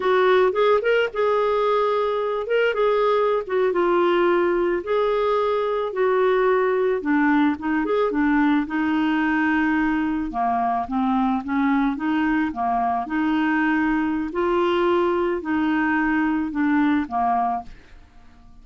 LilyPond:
\new Staff \with { instrumentName = "clarinet" } { \time 4/4 \tempo 4 = 109 fis'4 gis'8 ais'8 gis'2~ | gis'8 ais'8 gis'4~ gis'16 fis'8 f'4~ f'16~ | f'8. gis'2 fis'4~ fis'16~ | fis'8. d'4 dis'8 gis'8 d'4 dis'16~ |
dis'2~ dis'8. ais4 c'16~ | c'8. cis'4 dis'4 ais4 dis'16~ | dis'2 f'2 | dis'2 d'4 ais4 | }